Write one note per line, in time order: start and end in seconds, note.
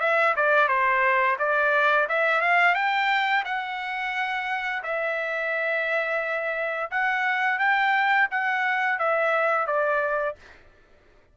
0.00 0.34 E5
0.36 0.68 D5
0.68 1.37 C5
1.39 2.08 D5
2.09 2.41 E5
2.41 2.75 F5
2.75 3.44 G5
3.45 4.83 F#5
4.83 6.90 E5
6.91 7.59 F#5
7.59 8.28 G5
8.31 8.99 F#5
8.99 9.67 E5
9.67 10.36 D5